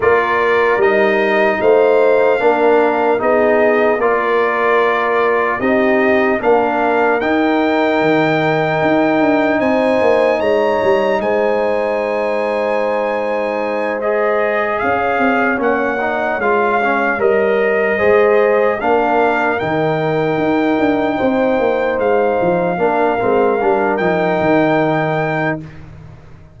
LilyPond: <<
  \new Staff \with { instrumentName = "trumpet" } { \time 4/4 \tempo 4 = 75 d''4 dis''4 f''2 | dis''4 d''2 dis''4 | f''4 g''2. | gis''4 ais''4 gis''2~ |
gis''4. dis''4 f''4 fis''8~ | fis''8 f''4 dis''2 f''8~ | f''8 g''2. f''8~ | f''2 g''2 | }
  \new Staff \with { instrumentName = "horn" } { \time 4/4 ais'2 c''4 ais'4 | gis'4 ais'2 g'4 | ais'1 | c''4 cis''4 c''2~ |
c''2~ c''8 cis''4.~ | cis''2~ cis''8 c''4 ais'8~ | ais'2~ ais'8 c''4.~ | c''8 ais'2.~ ais'8 | }
  \new Staff \with { instrumentName = "trombone" } { \time 4/4 f'4 dis'2 d'4 | dis'4 f'2 dis'4 | d'4 dis'2.~ | dis'1~ |
dis'4. gis'2 cis'8 | dis'8 f'8 cis'8 ais'4 gis'4 d'8~ | d'8 dis'2.~ dis'8~ | dis'8 d'8 c'8 d'8 dis'2 | }
  \new Staff \with { instrumentName = "tuba" } { \time 4/4 ais4 g4 a4 ais4 | b4 ais2 c'4 | ais4 dis'4 dis4 dis'8 d'8 | c'8 ais8 gis8 g8 gis2~ |
gis2~ gis8 cis'8 c'8 ais8~ | ais8 gis4 g4 gis4 ais8~ | ais8 dis4 dis'8 d'8 c'8 ais8 gis8 | f8 ais8 gis8 g8 f8 dis4. | }
>>